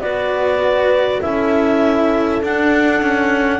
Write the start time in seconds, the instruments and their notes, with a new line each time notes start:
0.00 double bass B3, cello F#4, horn B4, clarinet D5
1.21 double bass C#4, cello E4, horn A4, clarinet E5
2.41 double bass D4, cello D4, clarinet F#5
3.02 cello C#4